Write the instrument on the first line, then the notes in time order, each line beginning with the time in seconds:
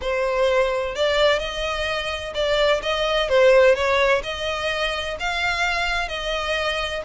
violin
0.01 C5
0.95 D5
1.39 D#5
2.34 D5
2.82 D#5
3.29 C5
3.75 C#5
4.23 D#5
5.19 F5
6.08 D#5